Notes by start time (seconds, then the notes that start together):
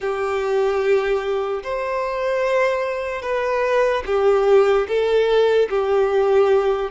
0.00 G4
1.63 C5
3.22 B4
4.06 G4
4.88 A4
5.69 G4